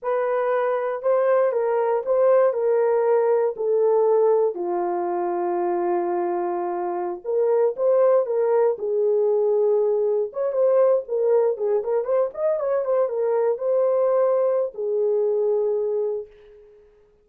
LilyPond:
\new Staff \with { instrumentName = "horn" } { \time 4/4 \tempo 4 = 118 b'2 c''4 ais'4 | c''4 ais'2 a'4~ | a'4 f'2.~ | f'2~ f'16 ais'4 c''8.~ |
c''16 ais'4 gis'2~ gis'8.~ | gis'16 cis''8 c''4 ais'4 gis'8 ais'8 c''16~ | c''16 dis''8 cis''8 c''8 ais'4 c''4~ c''16~ | c''4 gis'2. | }